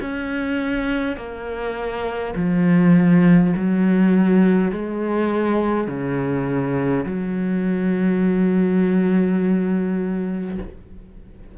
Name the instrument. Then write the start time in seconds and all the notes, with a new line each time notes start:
cello
0.00 C#4
1.16 A#3
2.35 F3
3.56 F#3
4.72 G#3
5.87 C#3
7.05 F#3